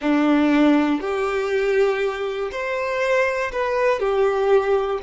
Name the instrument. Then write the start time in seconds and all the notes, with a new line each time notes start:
violin
0.01 D4
1.00 G4
2.51 C5
3.52 B4
4.00 G4